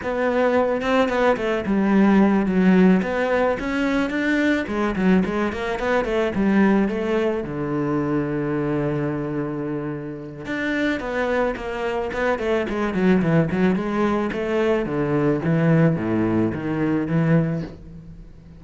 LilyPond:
\new Staff \with { instrumentName = "cello" } { \time 4/4 \tempo 4 = 109 b4. c'8 b8 a8 g4~ | g8 fis4 b4 cis'4 d'8~ | d'8 gis8 fis8 gis8 ais8 b8 a8 g8~ | g8 a4 d2~ d8~ |
d2. d'4 | b4 ais4 b8 a8 gis8 fis8 | e8 fis8 gis4 a4 d4 | e4 a,4 dis4 e4 | }